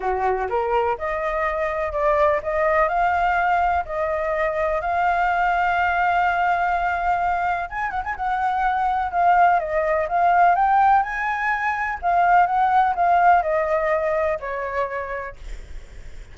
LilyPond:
\new Staff \with { instrumentName = "flute" } { \time 4/4 \tempo 4 = 125 fis'4 ais'4 dis''2 | d''4 dis''4 f''2 | dis''2 f''2~ | f''1 |
gis''8 fis''16 gis''16 fis''2 f''4 | dis''4 f''4 g''4 gis''4~ | gis''4 f''4 fis''4 f''4 | dis''2 cis''2 | }